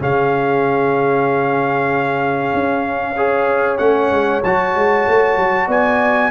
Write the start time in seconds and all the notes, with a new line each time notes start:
0.00 C#3 C#4 G#4 F5
2.53 C#4
3.15 G#4 C#5
3.77 A3 C#4 F#5
4.11 G#3
4.43 F#3 F#4 A5
4.75 G#3
5.07 A3
5.37 F#3
5.67 B3 D5 G#5